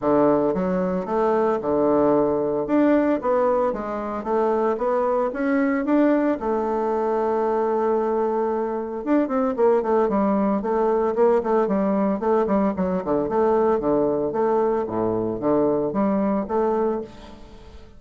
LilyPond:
\new Staff \with { instrumentName = "bassoon" } { \time 4/4 \tempo 4 = 113 d4 fis4 a4 d4~ | d4 d'4 b4 gis4 | a4 b4 cis'4 d'4 | a1~ |
a4 d'8 c'8 ais8 a8 g4 | a4 ais8 a8 g4 a8 g8 | fis8 d8 a4 d4 a4 | a,4 d4 g4 a4 | }